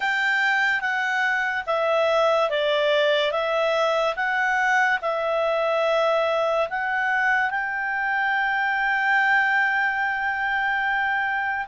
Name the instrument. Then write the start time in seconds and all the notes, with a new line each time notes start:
clarinet
0.00 G5
0.80 F#5
1.66 E5
2.50 D5
3.31 E5
4.16 F#5
5.02 E5
6.69 F#5
7.50 G5